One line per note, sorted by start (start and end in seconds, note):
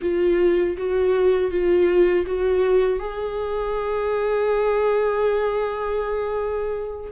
0.01 0.76 F4
0.77 1.50 F#4
1.50 2.25 F4
2.26 2.99 F#4
2.99 7.11 G#4